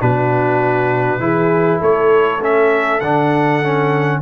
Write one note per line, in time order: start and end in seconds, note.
0.00 1.20 B2
0.00 1.20 D4
0.00 1.21 F#4
0.00 1.82 B4
1.20 1.80 E3
1.20 2.40 E4
1.20 1.80 G#4
1.80 3.02 A3
1.80 4.20 A4
1.80 2.43 C#5
2.42 3.02 C#4
2.42 3.00 E5
3.00 4.22 D3
3.00 3.63 D4
3.00 4.21 F#5
3.63 4.22 C#4